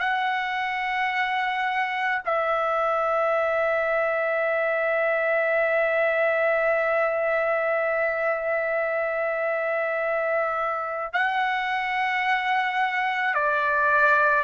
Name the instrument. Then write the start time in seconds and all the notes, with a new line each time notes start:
trumpet
0.00 F#5
2.26 E5
11.14 F#5
13.35 D5